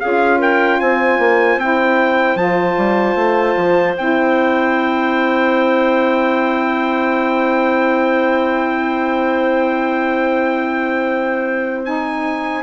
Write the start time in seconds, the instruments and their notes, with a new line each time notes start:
0.00 bassoon C#4, saxophone F4, clarinet G#4, trumpet F5
0.38 clarinet A#4, trumpet G5
0.80 bassoon C4, clarinet C5, trumpet G#5
1.19 bassoon A#3
1.57 bassoon C4, saxophone E4, trumpet G5
2.36 bassoon F3, saxophone F4, trumpet A5
2.77 bassoon G3
3.15 bassoon A3
3.57 bassoon F3
3.96 bassoon C4, saxophone E4, trumpet G5
11.84 saxophone D#4, trumpet G#5